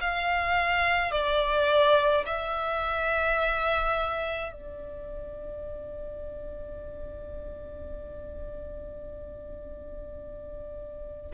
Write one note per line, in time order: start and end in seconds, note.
0.00 1.11 F5
1.11 2.24 D5
2.26 4.52 E5
4.52 11.31 D5